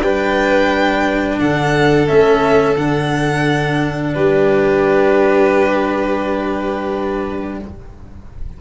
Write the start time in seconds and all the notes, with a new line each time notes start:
0.00 G3 D4 B4 G5
1.40 D3 A4 F#5
2.08 A3 C#4 E5
2.77 D3 D4 F#5
4.14 G3 G4 B4